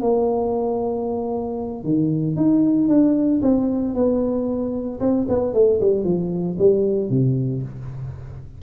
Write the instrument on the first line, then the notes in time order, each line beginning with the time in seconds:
tuba
0.00 A#3
1.83 D#3
2.36 D#4
2.88 D4
3.42 C4
3.94 B3
5.00 C4
5.28 B3
5.53 A3
5.80 G3
6.04 F3
6.58 G3
7.10 C3